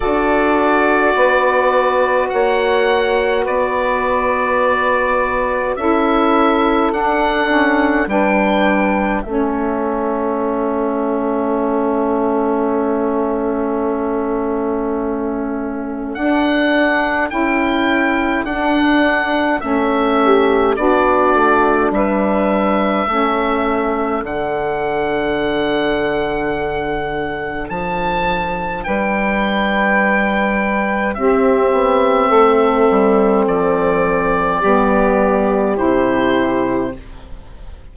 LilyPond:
<<
  \new Staff \with { instrumentName = "oboe" } { \time 4/4 \tempo 4 = 52 d''2 fis''4 d''4~ | d''4 e''4 fis''4 g''4 | e''1~ | e''2 fis''4 g''4 |
fis''4 e''4 d''4 e''4~ | e''4 fis''2. | a''4 g''2 e''4~ | e''4 d''2 c''4 | }
  \new Staff \with { instrumentName = "saxophone" } { \time 4/4 a'4 b'4 cis''4 b'4~ | b'4 a'2 b'4 | a'1~ | a'1~ |
a'4. g'8 fis'4 b'4 | a'1~ | a'4 b'2 g'4 | a'2 g'2 | }
  \new Staff \with { instrumentName = "saxophone" } { \time 4/4 fis'1~ | fis'4 e'4 d'8 cis'8 d'4 | cis'1~ | cis'2 d'4 e'4 |
d'4 cis'4 d'2 | cis'4 d'2.~ | d'2. c'4~ | c'2 b4 e'4 | }
  \new Staff \with { instrumentName = "bassoon" } { \time 4/4 d'4 b4 ais4 b4~ | b4 cis'4 d'4 g4 | a1~ | a2 d'4 cis'4 |
d'4 a4 b8 a8 g4 | a4 d2. | f4 g2 c'8 b8 | a8 g8 f4 g4 c4 | }
>>